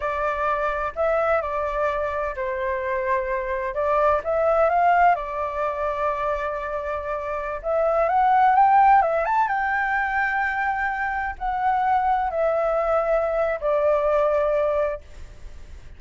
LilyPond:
\new Staff \with { instrumentName = "flute" } { \time 4/4 \tempo 4 = 128 d''2 e''4 d''4~ | d''4 c''2. | d''4 e''4 f''4 d''4~ | d''1~ |
d''16 e''4 fis''4 g''4 e''8 a''16~ | a''16 g''2.~ g''8.~ | g''16 fis''2 e''4.~ e''16~ | e''4 d''2. | }